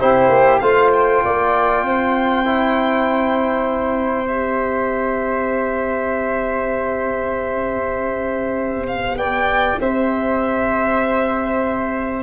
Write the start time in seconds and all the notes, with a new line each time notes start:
0.00 C4 E4 G4 C5
0.29 A#3
0.59 A3 F4 C5 F5
0.93 G5
1.24 A#3 D5
1.82 C4 C5
2.45 E4
4.26 G4 E5
8.87 F5
9.15 B3 D5 G5
9.80 C4 C5 E5